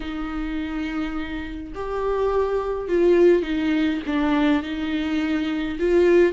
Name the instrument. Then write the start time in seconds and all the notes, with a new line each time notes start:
viola
0.00 D#4
1.74 G4
2.88 F4
3.42 D#4
4.06 D4
4.63 D#4
5.79 F4